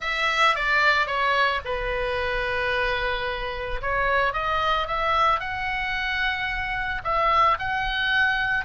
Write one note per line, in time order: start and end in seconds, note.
0.00 0.55 E5
0.55 1.07 D5
1.07 1.61 C#5
1.65 3.81 B4
3.81 4.33 C#5
4.33 4.87 D#5
4.87 5.40 E5
5.40 7.02 F#5
7.04 7.58 E5
7.58 8.65 F#5